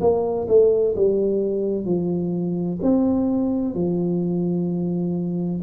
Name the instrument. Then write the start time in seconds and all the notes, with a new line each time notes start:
tuba
0.00 A#3
0.48 A3
0.95 G3
1.85 F3
2.82 C4
3.75 F3